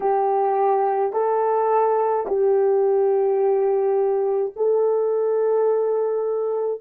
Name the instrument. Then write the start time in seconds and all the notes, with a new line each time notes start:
horn
0.00 G4
1.13 A4
2.26 G4
4.55 A4